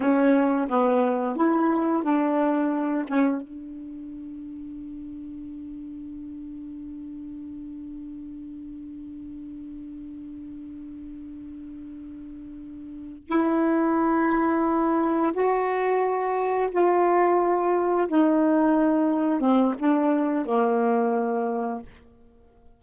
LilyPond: \new Staff \with { instrumentName = "saxophone" } { \time 4/4 \tempo 4 = 88 cis'4 b4 e'4 d'4~ | d'8 cis'8 d'2.~ | d'1~ | d'1~ |
d'2.~ d'8 e'8~ | e'2~ e'8 fis'4.~ | fis'8 f'2 dis'4.~ | dis'8 c'8 d'4 ais2 | }